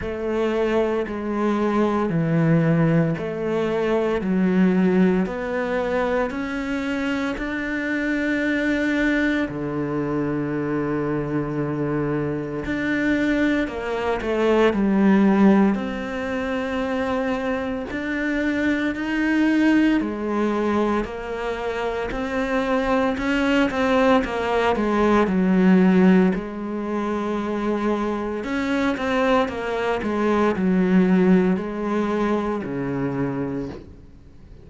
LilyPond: \new Staff \with { instrumentName = "cello" } { \time 4/4 \tempo 4 = 57 a4 gis4 e4 a4 | fis4 b4 cis'4 d'4~ | d'4 d2. | d'4 ais8 a8 g4 c'4~ |
c'4 d'4 dis'4 gis4 | ais4 c'4 cis'8 c'8 ais8 gis8 | fis4 gis2 cis'8 c'8 | ais8 gis8 fis4 gis4 cis4 | }